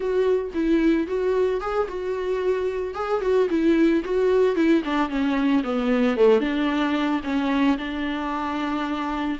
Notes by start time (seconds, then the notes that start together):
0.00 F#4
0.54 E4
1.07 F#4
1.60 G#4
1.88 F#4
2.94 G#4
3.21 F#4
3.49 E4
4.04 F#4
4.55 E4
4.84 D4
5.09 C#4
5.63 B3
6.16 A3
6.40 D4
7.23 C#4
7.77 D4